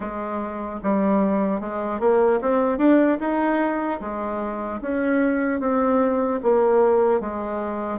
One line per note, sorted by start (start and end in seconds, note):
0.00 0.80 G#3
0.83 1.60 G3
1.60 2.00 G#3
2.00 2.40 A#3
2.41 2.77 C4
2.77 3.17 D4
3.20 4.00 D#4
4.00 4.80 G#3
4.81 5.60 C#4
5.60 6.40 C4
6.42 7.20 A#3
7.20 7.99 G#3